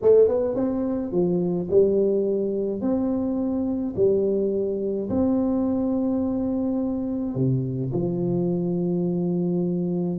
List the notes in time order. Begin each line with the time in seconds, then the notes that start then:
0.02 A3
0.28 B3
0.55 C4
1.11 F3
1.70 G3
2.81 C4
3.96 G3
5.09 C4
7.35 C3
7.92 F3